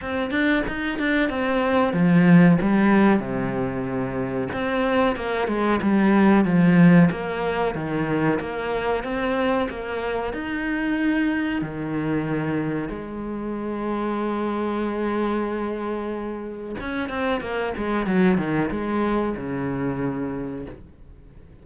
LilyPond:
\new Staff \with { instrumentName = "cello" } { \time 4/4 \tempo 4 = 93 c'8 d'8 dis'8 d'8 c'4 f4 | g4 c2 c'4 | ais8 gis8 g4 f4 ais4 | dis4 ais4 c'4 ais4 |
dis'2 dis2 | gis1~ | gis2 cis'8 c'8 ais8 gis8 | fis8 dis8 gis4 cis2 | }